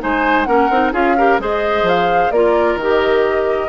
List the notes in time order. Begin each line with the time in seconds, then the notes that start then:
0.00 G#3 D#4 C5 G#5
0.44 A#3 C#4 A#4 F#5
0.70 C4 D#4
0.93 C#4 F4 G#4 F5
1.18 G4 A#4
1.39 G#3 G#4 C5 D#5
1.83 F3
1.89 F5
2.31 A#3 F4 A#4 D5
2.76 D#3
2.82 G4 D#5